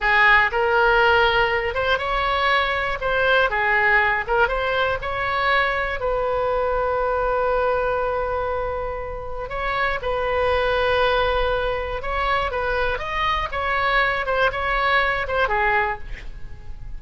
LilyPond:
\new Staff \with { instrumentName = "oboe" } { \time 4/4 \tempo 4 = 120 gis'4 ais'2~ ais'8 c''8 | cis''2 c''4 gis'4~ | gis'8 ais'8 c''4 cis''2 | b'1~ |
b'2. cis''4 | b'1 | cis''4 b'4 dis''4 cis''4~ | cis''8 c''8 cis''4. c''8 gis'4 | }